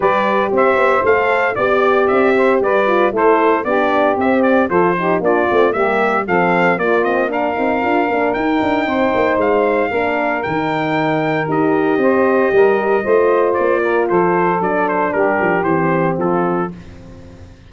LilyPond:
<<
  \new Staff \with { instrumentName = "trumpet" } { \time 4/4 \tempo 4 = 115 d''4 e''4 f''4 d''4 | e''4 d''4 c''4 d''4 | e''8 d''8 c''4 d''4 e''4 | f''4 d''8 dis''8 f''2 |
g''2 f''2 | g''2 dis''2~ | dis''2 d''4 c''4 | d''8 c''8 ais'4 c''4 a'4 | }
  \new Staff \with { instrumentName = "saxophone" } { \time 4/4 b'4 c''2 d''4~ | d''8 c''8 b'4 a'4 g'4~ | g'4 a'8 g'8 f'4 g'4 | a'4 f'4 ais'2~ |
ais'4 c''2 ais'4~ | ais'2. c''4 | ais'4 c''4. ais'8 a'4~ | a'4 g'2 f'4 | }
  \new Staff \with { instrumentName = "horn" } { \time 4/4 g'2 a'4 g'4~ | g'4. f'8 e'4 d'4 | c'4 f'8 dis'8 d'8 c'8 ais4 | c'4 ais8 c'8 d'8 dis'8 f'8 d'8 |
dis'2. d'4 | dis'2 g'2~ | g'4 f'2. | d'2 c'2 | }
  \new Staff \with { instrumentName = "tuba" } { \time 4/4 g4 c'8 b8 a4 b4 | c'4 g4 a4 b4 | c'4 f4 ais8 a8 g4 | f4 ais4. c'8 d'8 ais8 |
dis'8 d'8 c'8 ais8 gis4 ais4 | dis2 dis'4 c'4 | g4 a4 ais4 f4 | fis4 g8 f8 e4 f4 | }
>>